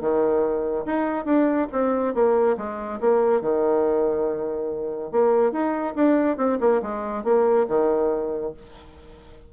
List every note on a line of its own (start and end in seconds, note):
0.00 0.85 D#3
0.85 1.25 D#4
1.25 1.68 D4
1.72 2.14 C4
2.14 2.56 A#3
2.57 3.00 G#3
3.00 3.41 A#3
3.41 5.11 D#3
5.11 5.52 A#3
5.52 5.94 D#4
5.95 6.37 D4
6.37 6.58 C4
6.60 6.81 A#3
6.82 7.24 G#3
7.24 7.66 A#3
7.68 8.53 D#3